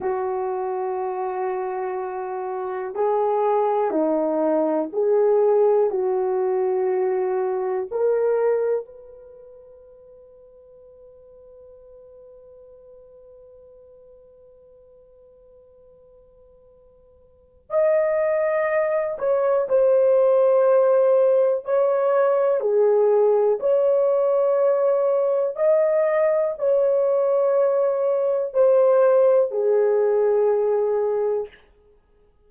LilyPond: \new Staff \with { instrumentName = "horn" } { \time 4/4 \tempo 4 = 61 fis'2. gis'4 | dis'4 gis'4 fis'2 | ais'4 b'2.~ | b'1~ |
b'2 dis''4. cis''8 | c''2 cis''4 gis'4 | cis''2 dis''4 cis''4~ | cis''4 c''4 gis'2 | }